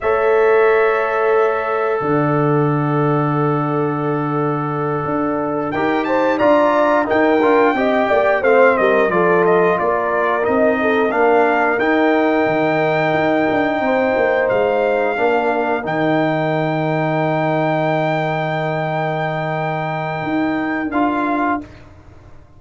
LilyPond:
<<
  \new Staff \with { instrumentName = "trumpet" } { \time 4/4 \tempo 4 = 89 e''2. fis''4~ | fis''1~ | fis''8 g''8 a''8 ais''4 g''4.~ | g''8 f''8 dis''8 d''8 dis''8 d''4 dis''8~ |
dis''8 f''4 g''2~ g''8~ | g''4. f''2 g''8~ | g''1~ | g''2. f''4 | }
  \new Staff \with { instrumentName = "horn" } { \time 4/4 cis''2. d''4~ | d''1~ | d''8 ais'8 c''8 d''4 ais'4 dis''8 | d''8 c''8 ais'8 a'4 ais'4. |
a'8 ais'2.~ ais'8~ | ais'8 c''2 ais'4.~ | ais'1~ | ais'1 | }
  \new Staff \with { instrumentName = "trombone" } { \time 4/4 a'1~ | a'1~ | a'8 g'4 f'4 dis'8 f'8 g'8~ | g'8 c'4 f'2 dis'8~ |
dis'8 d'4 dis'2~ dis'8~ | dis'2~ dis'8 d'4 dis'8~ | dis'1~ | dis'2. f'4 | }
  \new Staff \with { instrumentName = "tuba" } { \time 4/4 a2. d4~ | d2.~ d8 d'8~ | d'8 dis'4 d'4 dis'8 d'8 c'8 | ais8 a8 g8 f4 ais4 c'8~ |
c'8 ais4 dis'4 dis4 dis'8 | d'8 c'8 ais8 gis4 ais4 dis8~ | dis1~ | dis2 dis'4 d'4 | }
>>